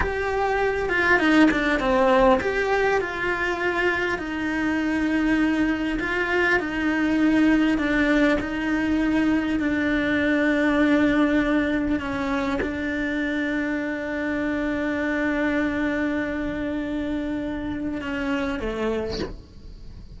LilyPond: \new Staff \with { instrumentName = "cello" } { \time 4/4 \tempo 4 = 100 g'4. f'8 dis'8 d'8 c'4 | g'4 f'2 dis'4~ | dis'2 f'4 dis'4~ | dis'4 d'4 dis'2 |
d'1 | cis'4 d'2.~ | d'1~ | d'2 cis'4 a4 | }